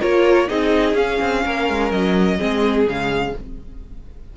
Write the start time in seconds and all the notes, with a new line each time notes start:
0.00 A#3 F4 A#4 C#5
0.47 C4 D#4 G#4 D#5
0.94 C#4 F5
1.21 C4
1.45 A#3 A#4
1.69 G#3
1.91 F#3 D#5
2.37 G#3 C4 G#4
2.86 C#3 G#3 F5